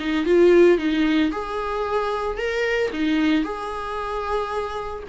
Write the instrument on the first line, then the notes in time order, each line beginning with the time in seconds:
viola
0.00 D#4
0.26 F4
0.78 D#4
1.32 G#4
2.38 A#4
2.93 D#4
3.45 G#4